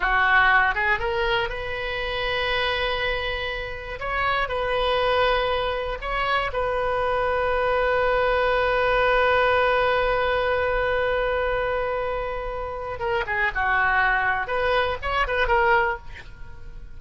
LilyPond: \new Staff \with { instrumentName = "oboe" } { \time 4/4 \tempo 4 = 120 fis'4. gis'8 ais'4 b'4~ | b'1 | cis''4 b'2. | cis''4 b'2.~ |
b'1~ | b'1~ | b'2 ais'8 gis'8 fis'4~ | fis'4 b'4 cis''8 b'8 ais'4 | }